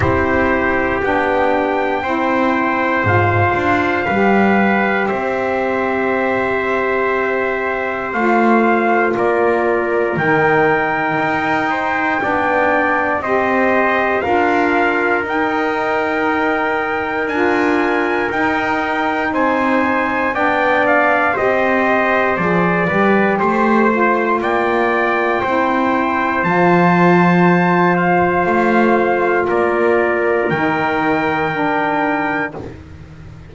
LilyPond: <<
  \new Staff \with { instrumentName = "trumpet" } { \time 4/4 \tempo 4 = 59 c''4 g''2 f''4~ | f''4 e''2. | f''4 d''4 g''2~ | g''4 dis''4 f''4 g''4~ |
g''4 gis''4 g''4 gis''4 | g''8 f''8 dis''4 d''4 c''4 | g''2 a''4. f''8~ | f''4 d''4 g''2 | }
  \new Staff \with { instrumentName = "trumpet" } { \time 4/4 g'2 c''2 | b'4 c''2.~ | c''4 ais'2~ ais'8 c''8 | d''4 c''4 ais'2~ |
ais'2. c''4 | d''4 c''4. b'8 c''4 | d''4 c''2.~ | c''4 ais'2. | }
  \new Staff \with { instrumentName = "saxophone" } { \time 4/4 e'4 d'4 e'4 f'4 | g'1 | f'2 dis'2 | d'4 g'4 f'4 dis'4~ |
dis'4 f'4 dis'2 | d'4 g'4 gis'8 g'4 f'8~ | f'4 e'4 f'2~ | f'2 dis'4 d'4 | }
  \new Staff \with { instrumentName = "double bass" } { \time 4/4 c'4 b4 c'4 gis,8 d'8 | g4 c'2. | a4 ais4 dis4 dis'4 | b4 c'4 d'4 dis'4~ |
dis'4 d'4 dis'4 c'4 | b4 c'4 f8 g8 a4 | ais4 c'4 f2 | a4 ais4 dis2 | }
>>